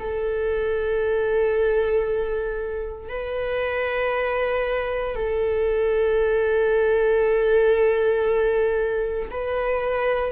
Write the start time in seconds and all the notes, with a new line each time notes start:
0.00 A4
3.09 B4
5.16 A4
9.31 B4